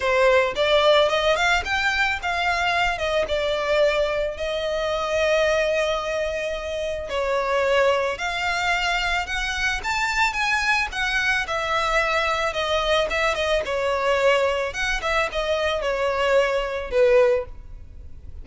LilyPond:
\new Staff \with { instrumentName = "violin" } { \time 4/4 \tempo 4 = 110 c''4 d''4 dis''8 f''8 g''4 | f''4. dis''8 d''2 | dis''1~ | dis''4 cis''2 f''4~ |
f''4 fis''4 a''4 gis''4 | fis''4 e''2 dis''4 | e''8 dis''8 cis''2 fis''8 e''8 | dis''4 cis''2 b'4 | }